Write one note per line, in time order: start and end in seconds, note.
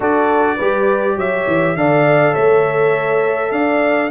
0.00 0.58 D4
0.00 0.59 F#4
0.00 0.56 A4
0.00 1.18 D5
0.56 1.16 G3
0.56 1.77 G4
0.56 1.15 B4
1.16 1.45 F#3
1.16 1.76 C#5
1.16 1.76 E5
1.47 1.75 E3
1.75 2.34 D3
1.75 4.10 A4
1.75 2.33 D5
1.75 2.34 F5
2.33 3.51 A3
2.33 3.51 C#5
2.33 3.51 E5
3.51 4.10 D4
3.51 4.10 D5
3.51 4.10 F5